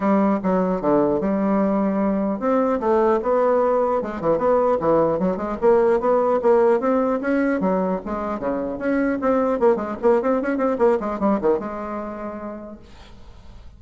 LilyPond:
\new Staff \with { instrumentName = "bassoon" } { \time 4/4 \tempo 4 = 150 g4 fis4 d4 g4~ | g2 c'4 a4 | b2 gis8 e8 b4 | e4 fis8 gis8 ais4 b4 |
ais4 c'4 cis'4 fis4 | gis4 cis4 cis'4 c'4 | ais8 gis8 ais8 c'8 cis'8 c'8 ais8 gis8 | g8 dis8 gis2. | }